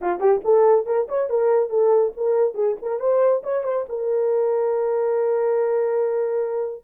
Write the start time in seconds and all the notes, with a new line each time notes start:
0.01 F4
0.19 G4
0.44 A4
0.86 A#4
1.08 C#5
1.29 A#4
1.69 A4
2.16 A#4
2.54 G#4
2.82 A#4
2.99 C5
3.43 C#5
3.63 C5
3.88 A#4